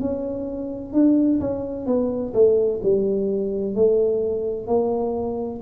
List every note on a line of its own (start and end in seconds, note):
0.00 0.92 C#4
0.92 1.39 D4
1.40 1.86 C#4
1.86 2.33 B3
2.34 2.80 A3
2.83 3.75 G3
3.75 4.67 A3
4.67 5.60 A#3